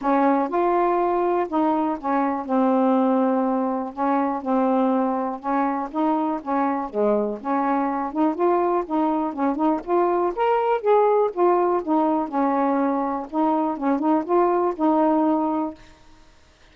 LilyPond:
\new Staff \with { instrumentName = "saxophone" } { \time 4/4 \tempo 4 = 122 cis'4 f'2 dis'4 | cis'4 c'2. | cis'4 c'2 cis'4 | dis'4 cis'4 gis4 cis'4~ |
cis'8 dis'8 f'4 dis'4 cis'8 dis'8 | f'4 ais'4 gis'4 f'4 | dis'4 cis'2 dis'4 | cis'8 dis'8 f'4 dis'2 | }